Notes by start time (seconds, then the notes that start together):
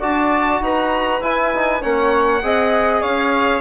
0.00 D4 F#4 D5 A5
0.61 D#4 B4 A#5
1.20 E4 G#5
1.54 D#4
1.81 A#3 C#4 C#5 F#5
2.42 C4 G#4 D#5
3.02 C#4 C#5 F5